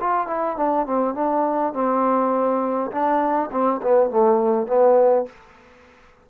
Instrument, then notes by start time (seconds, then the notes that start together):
trombone
0.00 F4
0.27 E4
0.57 D4
0.86 C4
1.14 D4
1.74 C4
2.91 D4
3.51 C4
3.82 B3
4.10 A3
4.67 B3